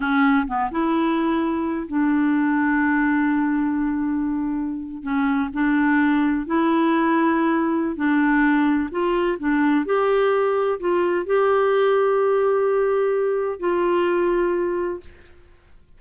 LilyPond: \new Staff \with { instrumentName = "clarinet" } { \time 4/4 \tempo 4 = 128 cis'4 b8 e'2~ e'8 | d'1~ | d'2~ d'8. cis'4 d'16~ | d'4.~ d'16 e'2~ e'16~ |
e'4 d'2 f'4 | d'4 g'2 f'4 | g'1~ | g'4 f'2. | }